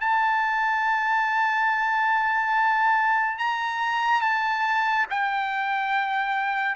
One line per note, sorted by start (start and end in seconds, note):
0.00 3.38 A5
3.38 4.21 A#5
4.21 5.06 A5
5.10 6.75 G5